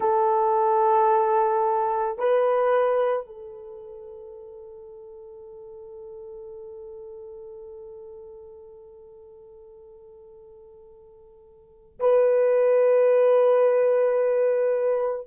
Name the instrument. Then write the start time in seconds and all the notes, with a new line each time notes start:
horn
0.00 A4
2.18 B4
3.26 A4
12.00 B4